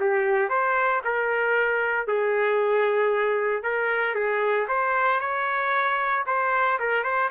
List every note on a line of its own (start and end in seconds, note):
0.00 0.49 G4
0.49 1.02 C5
1.04 2.07 A#4
2.07 3.63 G#4
3.63 4.15 A#4
4.15 4.67 G#4
4.68 5.20 C5
5.20 6.25 C#5
6.27 6.79 C5
6.79 7.04 A#4
7.04 7.30 C5